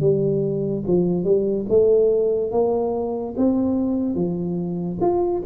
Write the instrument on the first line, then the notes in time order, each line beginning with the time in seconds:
tuba
0.00 G3
0.87 F3
1.24 G3
1.69 A3
2.51 A#3
3.36 C4
4.15 F3
5.01 F4